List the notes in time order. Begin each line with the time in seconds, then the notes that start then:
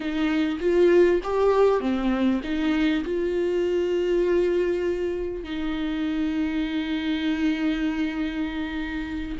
0.00 D#4
0.60 F4
1.23 G4
1.80 C4
2.43 D#4
3.04 F4
5.43 D#4